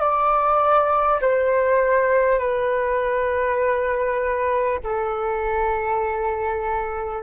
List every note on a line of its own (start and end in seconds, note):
0.00 1.20 D5
1.21 2.39 C5
2.39 4.79 B4
4.84 7.23 A4